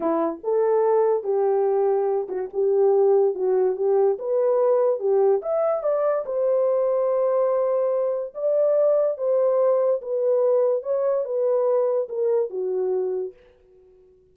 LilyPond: \new Staff \with { instrumentName = "horn" } { \time 4/4 \tempo 4 = 144 e'4 a'2 g'4~ | g'4. fis'8 g'2 | fis'4 g'4 b'2 | g'4 e''4 d''4 c''4~ |
c''1 | d''2 c''2 | b'2 cis''4 b'4~ | b'4 ais'4 fis'2 | }